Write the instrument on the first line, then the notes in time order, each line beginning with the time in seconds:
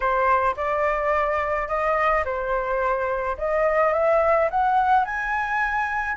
flute
0.00 C5
0.56 D5
1.68 D#5
2.24 C5
3.37 D#5
3.93 E5
4.50 F#5
5.04 G#5